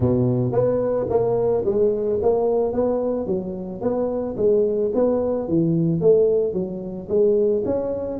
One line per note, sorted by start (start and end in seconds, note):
0.00 0.52 B2
0.52 1.06 B3
1.09 1.64 A#3
1.65 2.19 G#3
2.22 2.72 A#3
2.72 3.26 B3
3.26 3.81 F#3
3.81 4.35 B3
4.36 4.91 G#3
4.94 5.48 B3
5.48 6.00 E3
6.00 6.53 A3
6.53 7.07 F#3
7.08 7.63 G#3
7.65 8.19 C#4